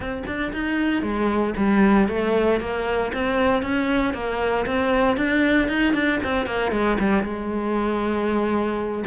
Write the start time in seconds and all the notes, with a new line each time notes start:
0.00 C4
0.26 D4
0.52 D#4
1.02 G#3
1.57 G3
2.08 A3
2.60 A#3
3.13 C4
3.62 C#4
4.13 A#3
4.66 C4
5.17 D4
5.68 D#4
5.93 D4
6.23 C4
6.46 A#3
6.71 G#3
6.99 G3
7.23 G#3